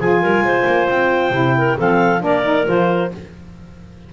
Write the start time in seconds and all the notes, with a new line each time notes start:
0.00 F3 F4 G#4 G#5
0.22 G3 A#4
0.42 G#3 C5
0.66 A#3
0.90 C4 G5
1.31 C3 E4
1.58 A#4
1.78 F3 C4 A4 F5
2.20 A#3 D4 A#4 D5
2.43 D#4
2.66 F3 F4 C5